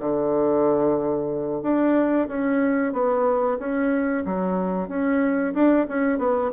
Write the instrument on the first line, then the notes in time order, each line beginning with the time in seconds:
bassoon
0.00 D3
1.62 D4
2.28 C#4
2.93 B3
3.59 C#4
4.25 F#3
4.89 C#4
5.54 D4
5.89 C#4
6.18 B3